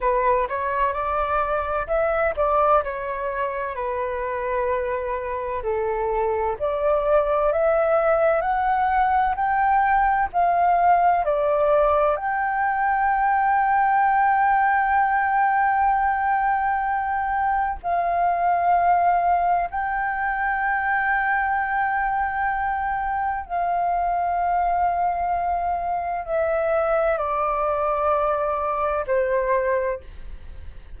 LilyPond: \new Staff \with { instrumentName = "flute" } { \time 4/4 \tempo 4 = 64 b'8 cis''8 d''4 e''8 d''8 cis''4 | b'2 a'4 d''4 | e''4 fis''4 g''4 f''4 | d''4 g''2.~ |
g''2. f''4~ | f''4 g''2.~ | g''4 f''2. | e''4 d''2 c''4 | }